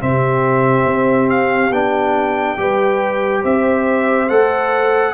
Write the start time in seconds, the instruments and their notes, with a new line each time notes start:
0.00 tuba C3, trombone C4, horn G4, trumpet E5
0.86 tuba C4
1.30 trumpet F5
1.71 tuba B3, trombone D4, trumpet G5
2.57 tuba G3, trombone G4, horn B4
3.41 tuba C4, horn C5, trumpet E5
4.29 tuba A3, trombone A4, trumpet F#5